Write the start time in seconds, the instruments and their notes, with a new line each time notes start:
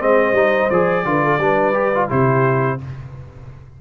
0.00 tuba G#3, trombone C4, horn C5, trumpet D#5
0.33 tuba G3, trombone D#4
0.70 tuba F3, trombone G#4, trumpet D5
1.06 tuba D3, trombone F4, horn B4
1.25 horn A4
1.39 tuba G3, trombone D4, horn B4
1.74 trombone G4
1.95 trombone F4
2.09 tuba C3, trombone E4, horn G4, trumpet C5